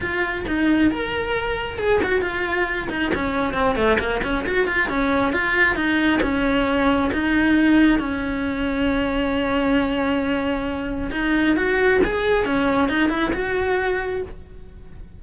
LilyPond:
\new Staff \with { instrumentName = "cello" } { \time 4/4 \tempo 4 = 135 f'4 dis'4 ais'2 | gis'8 fis'8 f'4. dis'8 cis'4 | c'8 a8 ais8 cis'8 fis'8 f'8 cis'4 | f'4 dis'4 cis'2 |
dis'2 cis'2~ | cis'1~ | cis'4 dis'4 fis'4 gis'4 | cis'4 dis'8 e'8 fis'2 | }